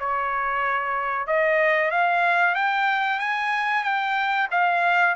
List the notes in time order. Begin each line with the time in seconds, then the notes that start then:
0.00 C#5
1.27 D#5
1.91 F5
2.55 G5
3.20 G#5
3.84 G5
4.51 F5